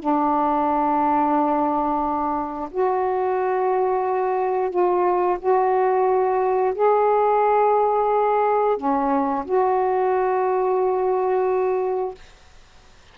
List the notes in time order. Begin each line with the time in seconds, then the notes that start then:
0.00 D4
2.72 F#4
4.71 F4
5.40 F#4
6.75 G#4
8.77 C#4
9.45 F#4